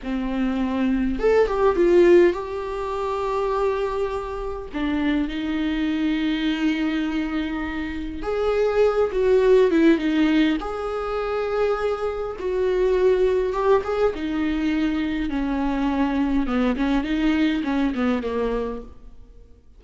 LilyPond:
\new Staff \with { instrumentName = "viola" } { \time 4/4 \tempo 4 = 102 c'2 a'8 g'8 f'4 | g'1 | d'4 dis'2.~ | dis'2 gis'4. fis'8~ |
fis'8 e'8 dis'4 gis'2~ | gis'4 fis'2 g'8 gis'8 | dis'2 cis'2 | b8 cis'8 dis'4 cis'8 b8 ais4 | }